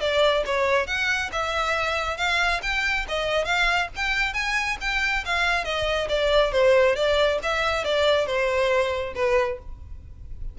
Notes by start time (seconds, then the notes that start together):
0.00 D5
0.46 C#5
0.87 F#5
1.32 E5
2.17 F5
2.62 G5
3.08 D#5
3.44 F5
3.96 G5
4.34 G#5
4.81 G5
5.25 F5
5.64 D#5
6.09 D5
6.52 C5
6.95 D5
7.42 E5
7.84 D5
8.26 C5
9.15 B4